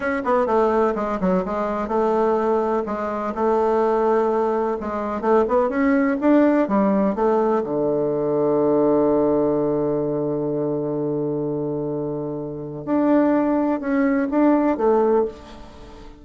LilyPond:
\new Staff \with { instrumentName = "bassoon" } { \time 4/4 \tempo 4 = 126 cis'8 b8 a4 gis8 fis8 gis4 | a2 gis4 a4~ | a2 gis4 a8 b8 | cis'4 d'4 g4 a4 |
d1~ | d1~ | d2. d'4~ | d'4 cis'4 d'4 a4 | }